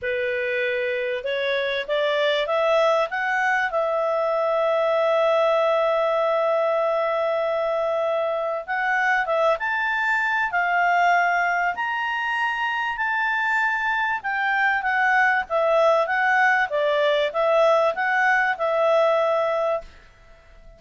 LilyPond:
\new Staff \with { instrumentName = "clarinet" } { \time 4/4 \tempo 4 = 97 b'2 cis''4 d''4 | e''4 fis''4 e''2~ | e''1~ | e''2 fis''4 e''8 a''8~ |
a''4 f''2 ais''4~ | ais''4 a''2 g''4 | fis''4 e''4 fis''4 d''4 | e''4 fis''4 e''2 | }